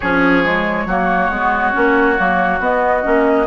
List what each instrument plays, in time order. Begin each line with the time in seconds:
0.00 bassoon F3, clarinet C#4, oboe G#4, flute C#5
0.44 clarinet G#3
0.85 bassoon F#3, clarinet A#3, oboe F#4
1.29 bassoon G#3, clarinet B3
1.72 bassoon A#3, clarinet C#4
2.17 bassoon F#3, clarinet A#3
2.59 bassoon B3, clarinet B3, flute D#5
3.03 bassoon A#3, clarinet C#4